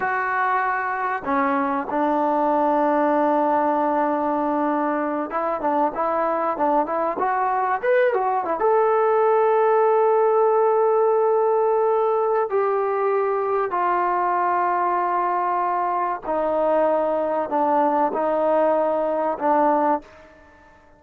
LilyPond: \new Staff \with { instrumentName = "trombone" } { \time 4/4 \tempo 4 = 96 fis'2 cis'4 d'4~ | d'1~ | d'8 e'8 d'8 e'4 d'8 e'8 fis'8~ | fis'8 b'8 fis'8 e'16 a'2~ a'16~ |
a'1 | g'2 f'2~ | f'2 dis'2 | d'4 dis'2 d'4 | }